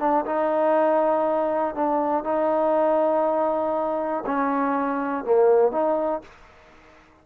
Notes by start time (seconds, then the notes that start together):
0.00 D4
0.26 D#4
1.75 D4
2.24 D#4
4.26 C#4
5.25 A#3
5.72 D#4